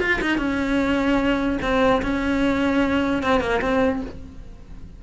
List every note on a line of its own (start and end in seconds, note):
0.00 0.20 F4
0.22 0.38 D#4
0.38 1.59 C#4
1.62 2.02 C4
2.02 3.23 C#4
3.23 3.41 C4
3.41 3.61 A#3
3.61 4.02 C4